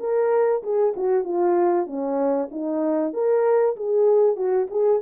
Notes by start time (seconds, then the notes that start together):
0.00 A#4
0.63 G#4
0.97 F#4
1.24 F4
1.87 C#4
2.51 D#4
3.13 A#4
3.76 G#4
4.36 F#4
4.70 G#4